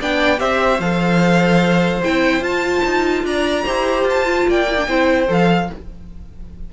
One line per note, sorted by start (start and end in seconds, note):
0.00 0.40 B3
0.00 0.38 D4
0.00 0.39 D5
0.00 0.39 G5
0.38 0.79 C4
0.38 0.78 G4
0.38 3.24 C5
0.38 0.80 E5
0.79 2.01 F3
0.79 2.04 A4
0.79 2.03 F5
2.03 2.40 C4
2.03 2.41 E4
2.03 2.43 G5
2.40 2.81 F4
2.40 3.63 F4
2.40 3.24 A5
2.84 3.23 D#4
3.23 3.64 D4
3.23 3.65 D5
3.23 4.07 A#5
3.65 4.03 E4
3.65 4.25 G4
3.65 4.47 C5
4.03 4.44 F4
4.09 4.50 A5
4.25 4.66 F4
4.48 4.87 A#3
4.48 4.88 D5
4.48 5.32 G5
4.69 4.77 E4
4.77 4.87 D4
4.87 5.28 C4
4.87 5.27 E4
4.87 5.70 C5
5.27 5.69 F3
5.27 5.68 A4
5.27 5.72 F5